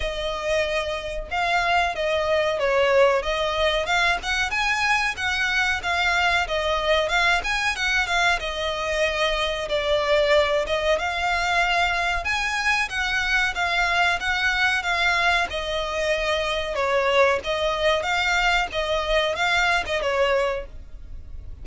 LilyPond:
\new Staff \with { instrumentName = "violin" } { \time 4/4 \tempo 4 = 93 dis''2 f''4 dis''4 | cis''4 dis''4 f''8 fis''8 gis''4 | fis''4 f''4 dis''4 f''8 gis''8 | fis''8 f''8 dis''2 d''4~ |
d''8 dis''8 f''2 gis''4 | fis''4 f''4 fis''4 f''4 | dis''2 cis''4 dis''4 | f''4 dis''4 f''8. dis''16 cis''4 | }